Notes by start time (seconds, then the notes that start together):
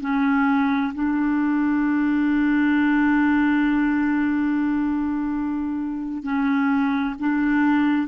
0.00 C#4
0.94 D4
6.23 C#4
7.19 D4